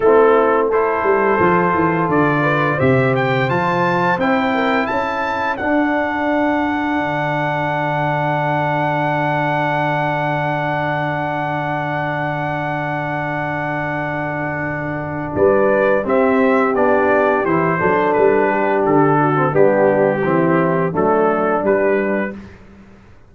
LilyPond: <<
  \new Staff \with { instrumentName = "trumpet" } { \time 4/4 \tempo 4 = 86 a'4 c''2 d''4 | e''8 g''8 a''4 g''4 a''4 | fis''1~ | fis''1~ |
fis''1~ | fis''2 d''4 e''4 | d''4 c''4 b'4 a'4 | g'2 a'4 b'4 | }
  \new Staff \with { instrumentName = "horn" } { \time 4/4 e'4 a'2~ a'8 b'8 | c''2~ c''8 ais'8 a'4~ | a'1~ | a'1~ |
a'1~ | a'2 b'4 g'4~ | g'4. a'4 g'4 fis'8 | d'4 e'4 d'2 | }
  \new Staff \with { instrumentName = "trombone" } { \time 4/4 c'4 e'4 f'2 | g'4 f'4 e'2 | d'1~ | d'1~ |
d'1~ | d'2. c'4 | d'4 e'8 d'2~ d'16 c'16 | b4 c'4 a4 g4 | }
  \new Staff \with { instrumentName = "tuba" } { \time 4/4 a4. g8 f8 e8 d4 | c4 f4 c'4 cis'4 | d'2 d2~ | d1~ |
d1~ | d2 g4 c'4 | b4 e8 fis8 g4 d4 | g4 e4 fis4 g4 | }
>>